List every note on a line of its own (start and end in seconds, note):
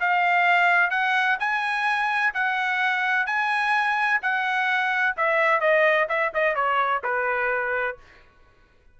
0.00 0.91 F5
0.91 1.37 F#5
1.40 2.34 G#5
2.34 3.27 F#5
3.27 4.20 G#5
4.22 5.16 F#5
5.17 5.61 E5
5.61 6.07 D#5
6.09 6.32 E5
6.34 6.55 D#5
6.55 7.02 C#5
7.04 7.97 B4